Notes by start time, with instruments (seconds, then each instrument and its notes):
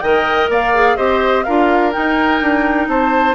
0.00 bassoon D#3, clarinet A#4, oboe D#5, flute G5
0.49 bassoon A#3, oboe D5, flute F5
0.75 clarinet G#4
0.96 bassoon C4, clarinet G4, oboe C5, flute D#5
1.44 bassoon D4, clarinet F4, oboe A#4, flute F5
1.92 clarinet D#4, bassoon D#4, flute G5
2.41 bassoon D4
2.88 bassoon C4, oboe C5, flute A5